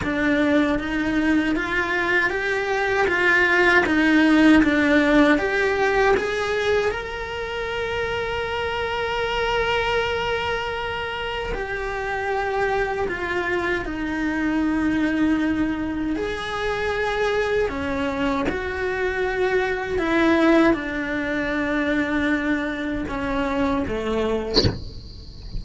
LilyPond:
\new Staff \with { instrumentName = "cello" } { \time 4/4 \tempo 4 = 78 d'4 dis'4 f'4 g'4 | f'4 dis'4 d'4 g'4 | gis'4 ais'2.~ | ais'2. g'4~ |
g'4 f'4 dis'2~ | dis'4 gis'2 cis'4 | fis'2 e'4 d'4~ | d'2 cis'4 a4 | }